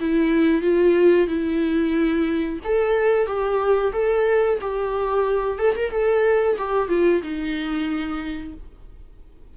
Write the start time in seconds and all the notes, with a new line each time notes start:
0.00 E4
0.62 F4
1.28 E4
2.64 A4
3.26 G4
3.93 A4
4.61 G4
5.59 A4
5.76 A#4
5.91 A4
6.58 G4
6.89 F4
7.23 D#4